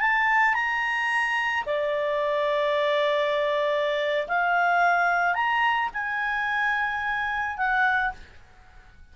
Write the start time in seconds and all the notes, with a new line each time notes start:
0.00 A5
0.54 A#5
1.66 D5
4.28 F5
5.34 A#5
5.94 G#5
7.57 F#5